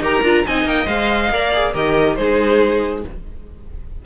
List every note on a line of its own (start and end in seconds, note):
0.00 0.22 D#4
0.00 0.24 G4
0.00 0.45 A#4
0.00 0.46 A#5
0.23 0.44 D4
0.23 0.45 F4
0.46 0.64 C4
0.46 0.86 D#4
0.46 1.33 D#5
0.46 0.67 G#5
0.64 0.86 A#3
0.64 0.87 G5
0.86 1.30 G#3
0.86 1.29 C5
0.86 1.73 F5
1.31 1.74 A#3
1.31 1.54 A#4
1.31 1.73 D5
1.54 1.74 G#4
1.73 2.18 D#3
1.73 2.17 G4
1.73 2.16 A#4
1.73 2.16 D#5
2.16 3.04 G#3
2.16 3.05 D#4
2.16 3.05 G#4
2.16 3.02 C5